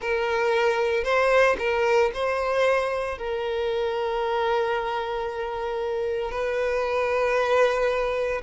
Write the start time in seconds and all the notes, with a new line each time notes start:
0.00 A#4
1.03 C5
1.58 A#4
2.13 C5
3.18 A#4
6.31 B4